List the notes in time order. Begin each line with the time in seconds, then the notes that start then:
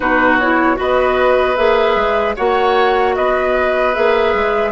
0.00 B2 D#4 F#4 B4
0.39 E4 C#5
0.76 B3 F#4 B4 D#5
1.55 A#3 G#4 E5
1.95 G#3
2.36 A#3 F#4 C#5 F#5
3.15 B3 B4 D#5
3.93 A#3 G#4 E5
4.34 G#3